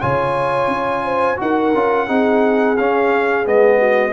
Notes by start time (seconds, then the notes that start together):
0.00 C#3 F4 C#5 G#5
0.67 C#4
1.04 C5
1.36 D#4 F#4 A#4 F#5
1.74 C#4 F4
2.07 C4 D#4 G#4
2.77 C#4 F5
3.44 G#3 B3 D#5
3.79 F#4